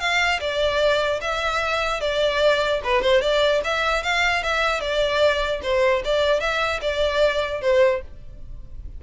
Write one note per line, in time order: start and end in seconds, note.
0.00 0.40 F5
0.40 1.20 D5
1.21 2.01 E5
2.01 2.81 D5
2.84 3.02 B4
3.02 3.21 C5
3.21 3.61 D5
3.64 4.03 E5
4.03 4.43 F5
4.43 4.81 E5
4.81 5.61 D5
5.63 6.03 C5
6.05 6.40 D5
6.40 6.80 E5
6.81 7.61 D5
7.61 8.01 C5